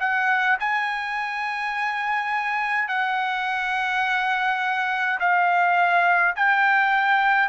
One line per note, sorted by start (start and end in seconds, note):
0.00 0.58 F#5
0.60 2.88 G#5
2.88 5.19 F#5
5.20 6.35 F5
6.36 7.49 G5